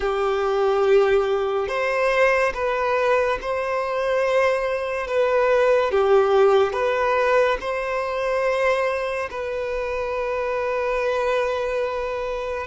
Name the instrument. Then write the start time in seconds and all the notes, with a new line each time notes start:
violin
0.00 G4
1.68 C5
2.54 B4
3.41 C5
5.07 B4
5.91 G4
6.73 B4
7.60 C5
9.30 B4